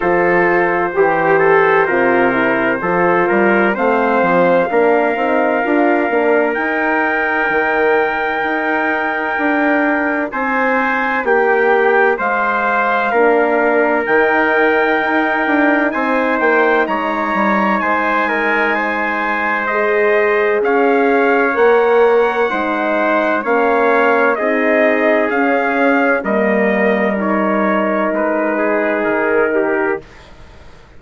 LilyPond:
<<
  \new Staff \with { instrumentName = "trumpet" } { \time 4/4 \tempo 4 = 64 c''1 | f''2. g''4~ | g''2. gis''4 | g''4 f''2 g''4~ |
g''4 gis''8 g''8 ais''4 gis''4~ | gis''4 dis''4 f''4 fis''4~ | fis''4 f''4 dis''4 f''4 | dis''4 cis''4 b'4 ais'4 | }
  \new Staff \with { instrumentName = "trumpet" } { \time 4/4 a'4 g'8 a'8 ais'4 a'8 ais'8 | c''4 ais'2.~ | ais'2. c''4 | g'4 c''4 ais'2~ |
ais'4 c''4 cis''4 c''8 ais'8 | c''2 cis''2 | c''4 cis''4 gis'2 | ais'2~ ais'8 gis'4 g'8 | }
  \new Staff \with { instrumentName = "horn" } { \time 4/4 f'4 g'4 f'8 e'8 f'4 | c'4 d'8 dis'8 f'8 d'8 dis'4~ | dis'1~ | dis'2 d'4 dis'4~ |
dis'1~ | dis'4 gis'2 ais'4 | dis'4 cis'4 dis'4 cis'4 | ais4 dis'2. | }
  \new Staff \with { instrumentName = "bassoon" } { \time 4/4 f4 e4 c4 f8 g8 | a8 f8 ais8 c'8 d'8 ais8 dis'4 | dis4 dis'4 d'4 c'4 | ais4 gis4 ais4 dis4 |
dis'8 d'8 c'8 ais8 gis8 g8 gis4~ | gis2 cis'4 ais4 | gis4 ais4 c'4 cis'4 | g2 gis4 dis4 | }
>>